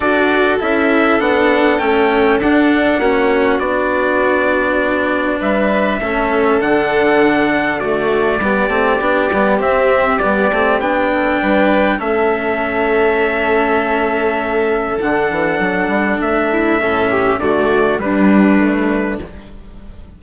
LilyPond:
<<
  \new Staff \with { instrumentName = "trumpet" } { \time 4/4 \tempo 4 = 100 d''4 e''4 fis''4 g''4 | fis''2 d''2~ | d''4 e''2 fis''4~ | fis''4 d''2. |
e''4 d''4 g''2 | e''1~ | e''4 fis''2 e''4~ | e''4 d''4 b'2 | }
  \new Staff \with { instrumentName = "violin" } { \time 4/4 a'1~ | a'4 fis'2.~ | fis'4 b'4 a'2~ | a'4 fis'4 g'2~ |
g'2~ g'8 a'8 b'4 | a'1~ | a'2.~ a'8 e'8 | a'8 g'8 fis'4 d'2 | }
  \new Staff \with { instrumentName = "cello" } { \time 4/4 fis'4 e'4 d'4 cis'4 | d'4 cis'4 d'2~ | d'2 cis'4 d'4~ | d'4 a4 b8 c'8 d'8 b8 |
c'4 b8 c'8 d'2 | cis'1~ | cis'4 d'2. | cis'4 a4 g4 a4 | }
  \new Staff \with { instrumentName = "bassoon" } { \time 4/4 d'4 cis'4 b4 a4 | d'4 ais4 b2~ | b4 g4 a4 d4~ | d2 g8 a8 b8 g8 |
c'4 g8 a8 b4 g4 | a1~ | a4 d8 e8 fis8 g8 a4 | a,4 d4 g2 | }
>>